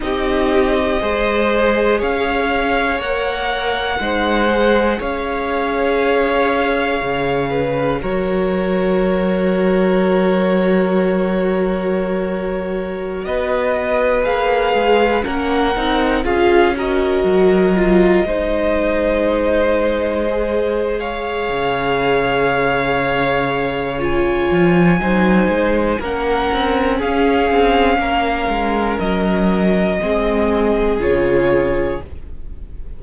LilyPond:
<<
  \new Staff \with { instrumentName = "violin" } { \time 4/4 \tempo 4 = 60 dis''2 f''4 fis''4~ | fis''4 f''2. | cis''1~ | cis''4~ cis''16 dis''4 f''4 fis''8.~ |
fis''16 f''8 dis''2.~ dis''16~ | dis''4 f''2. | gis''2 fis''4 f''4~ | f''4 dis''2 cis''4 | }
  \new Staff \with { instrumentName = "violin" } { \time 4/4 g'4 c''4 cis''2 | c''4 cis''2~ cis''8 b'8 | ais'1~ | ais'4~ ais'16 b'2 ais'8.~ |
ais'16 gis'8 ais'4. c''4.~ c''16~ | c''4 cis''2.~ | cis''4 c''4 ais'4 gis'4 | ais'2 gis'2 | }
  \new Staff \with { instrumentName = "viola" } { \time 4/4 dis'4 gis'2 ais'4 | dis'8 gis'2.~ gis'8 | fis'1~ | fis'2~ fis'16 gis'4 cis'8 dis'16~ |
dis'16 f'8 fis'4 f'8 dis'4.~ dis'16~ | dis'16 gis'2.~ gis'8. | f'4 dis'4 cis'2~ | cis'2 c'4 f'4 | }
  \new Staff \with { instrumentName = "cello" } { \time 4/4 c'4 gis4 cis'4 ais4 | gis4 cis'2 cis4 | fis1~ | fis4~ fis16 b4 ais8 gis8 ais8 c'16~ |
c'16 cis'4 fis4 gis4.~ gis16~ | gis4. cis2~ cis8~ | cis8 f8 fis8 gis8 ais8 c'8 cis'8 c'8 | ais8 gis8 fis4 gis4 cis4 | }
>>